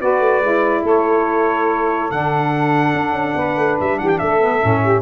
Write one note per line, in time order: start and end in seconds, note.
0.00 0.20 B3
0.00 0.42 F#4
0.00 0.83 B4
0.00 0.85 D5
0.20 0.40 A3
0.40 0.82 G#3
0.40 2.10 E4
0.83 2.09 A3
0.83 3.35 A4
0.83 2.11 C#5
2.11 2.94 D3
2.11 4.40 D4
2.11 3.79 F#5
2.94 3.12 D4
3.12 3.33 C#4
3.36 3.57 B3
3.36 3.99 B4
3.57 3.78 A3
3.80 4.00 G3
3.80 3.98 E5
3.98 4.21 E3
3.98 4.21 G4
3.98 4.08 F#5
4.08 4.19 G5
4.19 4.63 A3
4.19 4.82 A4
4.19 5.02 E5
4.40 4.61 B3
4.61 5.02 A2
4.61 5.02 C#4
4.82 5.02 G4